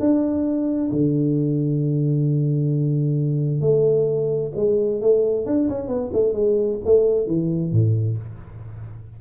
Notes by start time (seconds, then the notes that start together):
0.00 D4
0.92 D3
3.61 A3
4.56 G#3
5.01 A3
5.46 D4
5.69 C#4
5.88 B3
6.13 A3
6.33 G#3
6.85 A3
7.27 E3
7.72 A2